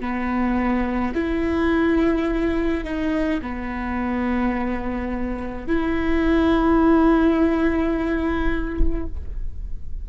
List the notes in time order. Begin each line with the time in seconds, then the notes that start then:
0.00 B3
1.15 E4
2.84 D#4
3.42 B3
5.67 E4